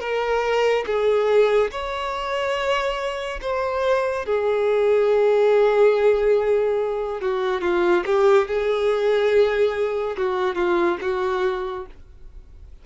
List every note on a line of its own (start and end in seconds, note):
0.00 0.85 A#4
0.86 1.71 G#4
1.71 3.40 C#5
3.41 4.26 C5
4.26 7.21 G#4
7.21 7.61 F#4
7.61 8.04 F4
8.06 8.47 G4
8.47 10.16 G#4
10.17 10.56 F#4
10.56 10.98 F4
11.01 11.86 F#4